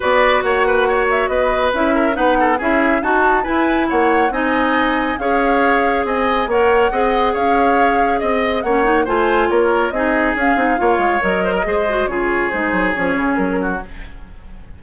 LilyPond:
<<
  \new Staff \with { instrumentName = "flute" } { \time 4/4 \tempo 4 = 139 d''4 fis''4. e''8 dis''4 | e''4 fis''4 e''4 a''4 | gis''4 fis''4 gis''2 | f''2 gis''4 fis''4~ |
fis''4 f''2 dis''4 | fis''4 gis''4 cis''4 dis''4 | f''2 dis''2 | cis''4 c''4 cis''4 ais'4 | }
  \new Staff \with { instrumentName = "oboe" } { \time 4/4 b'4 cis''8 b'8 cis''4 b'4~ | b'8 ais'8 b'8 a'8 gis'4 fis'4 | b'4 cis''4 dis''2 | cis''2 dis''4 cis''4 |
dis''4 cis''2 dis''4 | cis''4 c''4 ais'4 gis'4~ | gis'4 cis''4. c''16 ais'16 c''4 | gis'2.~ gis'8 fis'8 | }
  \new Staff \with { instrumentName = "clarinet" } { \time 4/4 fis'1 | e'4 dis'4 e'4 fis'4 | e'2 dis'2 | gis'2. ais'4 |
gis'1 | cis'8 dis'8 f'2 dis'4 | cis'8 dis'8 f'4 ais'4 gis'8 fis'8 | f'4 dis'4 cis'2 | }
  \new Staff \with { instrumentName = "bassoon" } { \time 4/4 b4 ais2 b4 | cis'4 b4 cis'4 dis'4 | e'4 ais4 c'2 | cis'2 c'4 ais4 |
c'4 cis'2 c'4 | ais4 a4 ais4 c'4 | cis'8 c'8 ais8 gis8 fis4 gis4 | cis4 gis8 fis8 f8 cis8 fis4 | }
>>